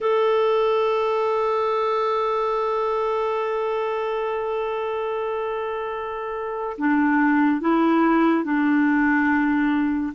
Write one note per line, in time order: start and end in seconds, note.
0.00 6.76 A4
6.78 7.61 D4
7.61 8.44 E4
8.44 10.13 D4